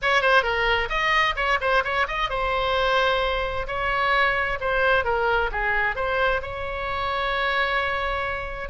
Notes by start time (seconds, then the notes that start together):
0.01 C#5
0.21 C5
0.42 A#4
0.89 D#5
1.36 C#5
1.61 C5
1.84 C#5
2.07 D#5
2.29 C5
3.67 C#5
4.60 C5
5.04 A#4
5.51 G#4
5.95 C5
6.42 C#5